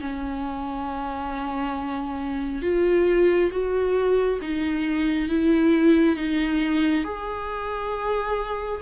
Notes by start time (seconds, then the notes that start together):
0.00 C#4
2.62 F4
3.51 F#4
4.41 D#4
5.29 E4
6.16 D#4
7.04 G#4